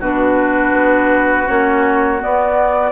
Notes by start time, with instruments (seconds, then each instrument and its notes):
0.00 bassoon B2, clarinet D4, oboe F#4, flute B4
0.74 bassoon B3
1.47 bassoon A#3, clarinet C#4, flute C#5
2.19 clarinet B3, bassoon B3, flute D5